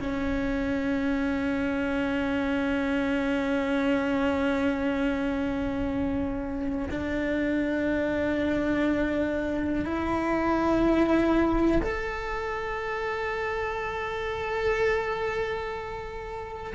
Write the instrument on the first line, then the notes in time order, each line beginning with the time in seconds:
cello
0.00 C#4
6.89 D4
9.85 E4
11.82 A4